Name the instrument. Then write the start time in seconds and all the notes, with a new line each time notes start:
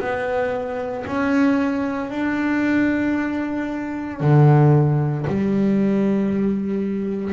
double bass
0.00 B3
1.07 C#4
2.11 D4
4.21 D3
5.28 G3